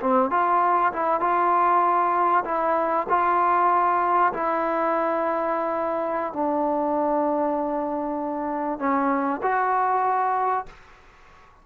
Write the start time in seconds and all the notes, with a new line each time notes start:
0.00 C4
0.30 F4
0.93 E4
1.20 F4
2.45 E4
3.09 F4
4.33 E4
6.33 D4
8.79 C#4
9.42 F#4